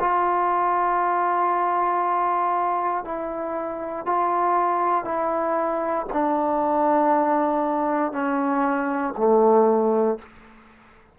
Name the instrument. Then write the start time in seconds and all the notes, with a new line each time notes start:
trombone
0.00 F4
3.05 E4
4.06 F4
5.05 E4
6.13 D4
8.13 C#4
9.17 A3